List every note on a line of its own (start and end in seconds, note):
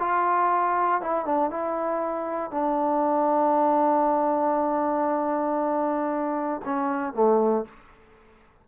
0.00 1.02 F4
1.02 1.26 E4
1.26 1.51 D4
1.51 2.52 E4
2.52 6.62 D4
6.65 7.14 C#4
7.14 7.65 A3